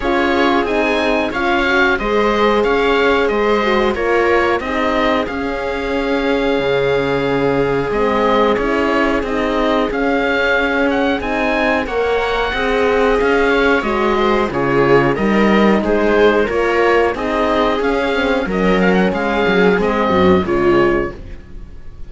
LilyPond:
<<
  \new Staff \with { instrumentName = "oboe" } { \time 4/4 \tempo 4 = 91 cis''4 gis''4 f''4 dis''4 | f''4 dis''4 cis''4 dis''4 | f''1 | dis''4 cis''4 dis''4 f''4~ |
f''8 fis''8 gis''4 fis''2 | f''4 dis''4 cis''4 dis''4 | c''4 cis''4 dis''4 f''4 | dis''8 f''16 fis''16 f''4 dis''4 cis''4 | }
  \new Staff \with { instrumentName = "viola" } { \time 4/4 gis'2 cis''4 c''4 | cis''4 c''4 ais'4 gis'4~ | gis'1~ | gis'1~ |
gis'2 cis''4 dis''4~ | dis''8 cis''4 c''8 gis'4 ais'4 | gis'4 ais'4 gis'2 | ais'4 gis'4. fis'8 f'4 | }
  \new Staff \with { instrumentName = "horn" } { \time 4/4 f'4 dis'4 f'8 fis'8 gis'4~ | gis'4. fis'8 f'4 dis'4 | cis'1 | c'4 e'4 dis'4 cis'4~ |
cis'4 dis'4 ais'4 gis'4~ | gis'4 fis'4 f'4 dis'4~ | dis'4 f'4 dis'4 cis'8 c'8 | cis'2 c'4 gis4 | }
  \new Staff \with { instrumentName = "cello" } { \time 4/4 cis'4 c'4 cis'4 gis4 | cis'4 gis4 ais4 c'4 | cis'2 cis2 | gis4 cis'4 c'4 cis'4~ |
cis'4 c'4 ais4 c'4 | cis'4 gis4 cis4 g4 | gis4 ais4 c'4 cis'4 | fis4 gis8 fis8 gis8 fis,8 cis4 | }
>>